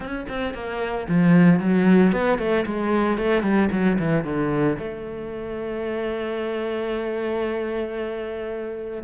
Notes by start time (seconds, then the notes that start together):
0.00 C#4
0.28 C4
0.54 A#3
1.08 F3
1.59 F#3
2.12 B3
2.38 A3
2.65 G#3
3.17 A3
3.42 G3
3.71 F#3
3.98 E3
4.24 D3
4.78 A3